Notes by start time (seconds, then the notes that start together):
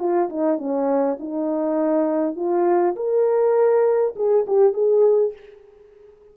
0.00 F4
0.30 D#4
0.59 C#4
1.20 D#4
2.37 F4
2.96 A#4
4.16 G#4
4.48 G4
4.74 G#4